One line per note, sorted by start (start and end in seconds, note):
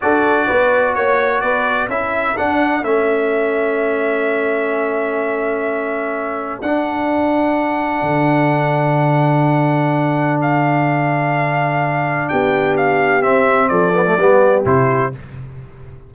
0.01 0.49 D4
0.01 1.90 F#4
0.01 0.46 A4
0.01 0.95 D5
0.46 0.96 B3
0.46 0.94 B4
0.94 1.42 A#3
0.94 1.42 C#5
0.94 1.40 C#5
1.40 1.87 B3
1.40 1.88 B4
1.40 1.88 D5
1.87 2.35 C#4
1.87 2.36 E4
1.87 12.28 A4
1.87 2.37 E5
2.36 2.83 D4
2.36 2.82 D4
2.36 2.84 F#5
2.82 6.60 A3
2.82 6.62 C#4
2.82 6.61 E5
6.61 8.01 D4
6.61 13.21 D4
6.61 10.39 F#5
8.01 12.27 D3
10.41 12.29 F5
12.29 13.25 B3
12.29 13.70 G4
12.29 12.76 G5
12.76 13.22 F5
13.21 13.92 C4
13.21 13.70 C4
13.21 13.68 E5
13.68 14.17 F3
13.68 14.17 A4
13.68 14.62 D5
13.93 14.05 B3
14.06 14.18 A3
14.17 14.64 G3
14.17 14.64 B3
14.17 15.14 G4
14.64 15.12 C3
14.64 15.12 E4
14.64 15.13 C5